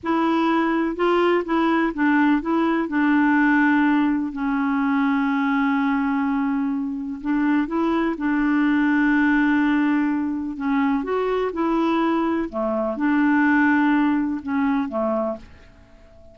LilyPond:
\new Staff \with { instrumentName = "clarinet" } { \time 4/4 \tempo 4 = 125 e'2 f'4 e'4 | d'4 e'4 d'2~ | d'4 cis'2.~ | cis'2. d'4 |
e'4 d'2.~ | d'2 cis'4 fis'4 | e'2 a4 d'4~ | d'2 cis'4 a4 | }